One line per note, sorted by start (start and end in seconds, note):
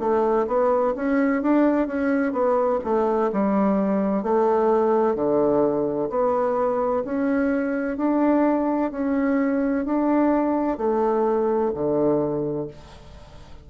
0.00 0.47 A3
0.48 0.95 B3
0.96 1.43 C#4
1.43 1.87 D4
1.87 2.33 C#4
2.33 2.80 B3
2.85 3.32 A3
3.33 4.23 G3
4.23 5.16 A3
5.16 6.09 D3
6.10 7.04 B3
7.05 7.98 C#4
7.98 8.91 D4
8.92 9.86 C#4
9.86 10.78 D4
10.78 11.72 A3
11.74 12.68 D3